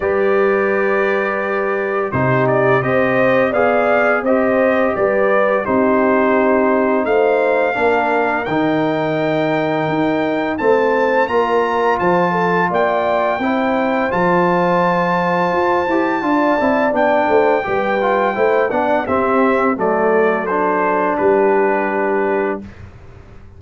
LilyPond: <<
  \new Staff \with { instrumentName = "trumpet" } { \time 4/4 \tempo 4 = 85 d''2. c''8 d''8 | dis''4 f''4 dis''4 d''4 | c''2 f''2 | g''2. a''4 |
ais''4 a''4 g''2 | a''1 | g''2~ g''8 fis''8 e''4 | d''4 c''4 b'2 | }
  \new Staff \with { instrumentName = "horn" } { \time 4/4 b'2. g'4 | c''4 d''4 c''4 b'4 | g'2 c''4 ais'4~ | ais'2. c''4 |
ais'4 c''8 a'8 d''4 c''4~ | c''2. d''4~ | d''8 c''8 b'4 c''8 d''8 g'4 | a'2 g'2 | }
  \new Staff \with { instrumentName = "trombone" } { \time 4/4 g'2. dis'4 | g'4 gis'4 g'2 | dis'2. d'4 | dis'2. c'4 |
f'2. e'4 | f'2~ f'8 g'8 f'8 e'8 | d'4 g'8 f'8 e'8 d'8 c'4 | a4 d'2. | }
  \new Staff \with { instrumentName = "tuba" } { \time 4/4 g2. c4 | c'4 b4 c'4 g4 | c'2 a4 ais4 | dis2 dis'4 a4 |
ais4 f4 ais4 c'4 | f2 f'8 e'8 d'8 c'8 | b8 a8 g4 a8 b8 c'4 | fis2 g2 | }
>>